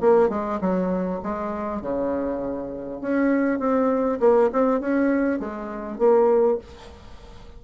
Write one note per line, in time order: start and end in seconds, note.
0.00 0.29 A#3
0.29 0.59 G#3
0.60 1.20 F#3
1.22 1.81 G#3
1.81 3.01 C#3
3.01 3.59 C#4
3.59 4.19 C4
4.20 4.50 A#3
4.52 4.80 C4
4.80 5.39 C#4
5.39 5.98 G#3
5.98 6.58 A#3